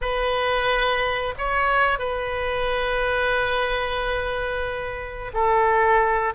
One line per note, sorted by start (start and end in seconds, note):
0.01 1.34 B4
1.38 1.98 C#5
1.98 5.32 B4
5.33 6.33 A4